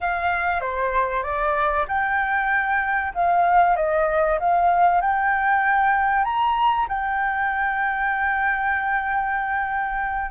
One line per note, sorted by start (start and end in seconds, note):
0.01 0.61 F5
0.61 1.23 C5
1.23 1.86 D5
1.88 3.13 G5
3.14 3.76 F5
3.76 4.38 D#5
4.39 5.01 F5
5.01 6.24 G5
6.24 6.87 A#5
6.88 10.30 G5